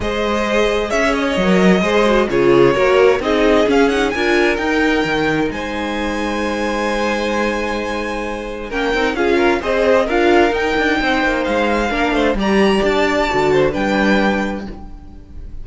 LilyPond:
<<
  \new Staff \with { instrumentName = "violin" } { \time 4/4 \tempo 4 = 131 dis''2 e''8 dis''4.~ | dis''4 cis''2 dis''4 | f''8 fis''8 gis''4 g''2 | gis''1~ |
gis''2. g''4 | f''4 dis''4 f''4 g''4~ | g''4 f''2 ais''4 | a''2 g''2 | }
  \new Staff \with { instrumentName = "violin" } { \time 4/4 c''2 cis''2 | c''4 gis'4 ais'4 gis'4~ | gis'4 ais'2. | c''1~ |
c''2. ais'4 | gis'8 ais'8 c''4 ais'2 | c''2 ais'8 c''8 d''4~ | d''4. c''8 b'2 | }
  \new Staff \with { instrumentName = "viola" } { \time 4/4 gis'2. ais'4 | gis'8 fis'8 f'4 fis'4 dis'4 | cis'8 dis'8 f'4 dis'2~ | dis'1~ |
dis'2. cis'8 dis'8 | f'4 gis'4 f'4 dis'4~ | dis'2 d'4 g'4~ | g'4 fis'4 d'2 | }
  \new Staff \with { instrumentName = "cello" } { \time 4/4 gis2 cis'4 fis4 | gis4 cis4 ais4 c'4 | cis'4 d'4 dis'4 dis4 | gis1~ |
gis2. ais8 c'8 | cis'4 c'4 d'4 dis'8 d'8 | c'8 ais8 gis4 ais8 a8 g4 | d'4 d4 g2 | }
>>